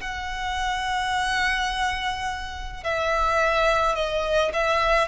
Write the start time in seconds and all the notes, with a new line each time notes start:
0.00 F#5
2.83 E5
3.95 D#5
4.53 E5